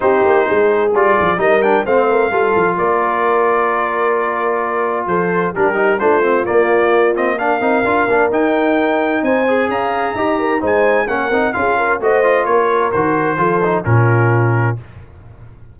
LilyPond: <<
  \new Staff \with { instrumentName = "trumpet" } { \time 4/4 \tempo 4 = 130 c''2 d''4 dis''8 g''8 | f''2 d''2~ | d''2. c''4 | ais'4 c''4 d''4. dis''8 |
f''2 g''2 | gis''4 ais''2 gis''4 | fis''4 f''4 dis''4 cis''4 | c''2 ais'2 | }
  \new Staff \with { instrumentName = "horn" } { \time 4/4 g'4 gis'2 ais'4 | c''8 ais'8 a'4 ais'2~ | ais'2. a'4 | g'4 f'2. |
ais'1 | c''4 f''4 dis''8 ais'8 c''4 | ais'4 gis'8 ais'8 c''4 ais'4~ | ais'4 a'4 f'2 | }
  \new Staff \with { instrumentName = "trombone" } { \time 4/4 dis'2 f'4 dis'8 d'8 | c'4 f'2.~ | f'1 | d'8 dis'8 d'8 c'8 ais4. c'8 |
d'8 dis'8 f'8 d'8 dis'2~ | dis'8 gis'4. g'4 dis'4 | cis'8 dis'8 f'4 fis'8 f'4. | fis'4 f'8 dis'8 cis'2 | }
  \new Staff \with { instrumentName = "tuba" } { \time 4/4 c'8 ais8 gis4 g8 f8 g4 | a4 g8 f8 ais2~ | ais2. f4 | g4 a4 ais2~ |
ais8 c'8 d'8 ais8 dis'2 | c'4 cis'4 dis'4 gis4 | ais8 c'8 cis'4 a4 ais4 | dis4 f4 ais,2 | }
>>